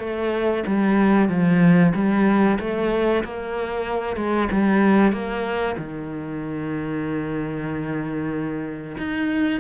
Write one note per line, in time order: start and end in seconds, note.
0.00 0.64 A3
0.66 1.29 G3
1.29 1.93 F3
1.95 2.59 G3
2.60 3.24 A3
3.24 4.17 A#3
4.17 4.49 G#3
4.52 5.12 G3
5.12 5.76 A#3
5.78 8.97 D#3
8.98 9.60 D#4